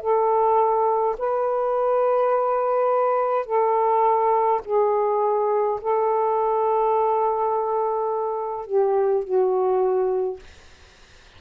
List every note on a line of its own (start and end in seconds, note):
0.00 1.15 A4
1.18 3.46 B4
3.46 4.61 A4
4.64 5.80 G#4
5.81 8.66 A4
8.66 9.24 G4
9.24 10.40 F#4